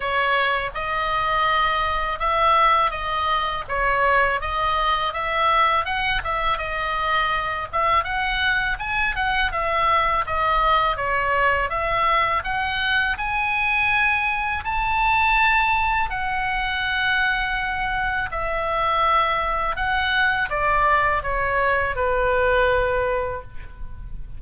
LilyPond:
\new Staff \with { instrumentName = "oboe" } { \time 4/4 \tempo 4 = 82 cis''4 dis''2 e''4 | dis''4 cis''4 dis''4 e''4 | fis''8 e''8 dis''4. e''8 fis''4 | gis''8 fis''8 e''4 dis''4 cis''4 |
e''4 fis''4 gis''2 | a''2 fis''2~ | fis''4 e''2 fis''4 | d''4 cis''4 b'2 | }